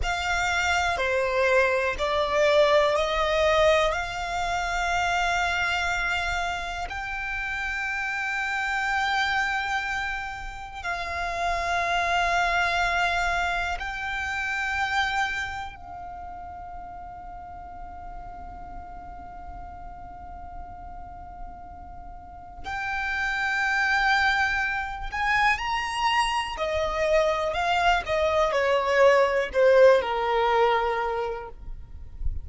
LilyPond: \new Staff \with { instrumentName = "violin" } { \time 4/4 \tempo 4 = 61 f''4 c''4 d''4 dis''4 | f''2. g''4~ | g''2. f''4~ | f''2 g''2 |
f''1~ | f''2. g''4~ | g''4. gis''8 ais''4 dis''4 | f''8 dis''8 cis''4 c''8 ais'4. | }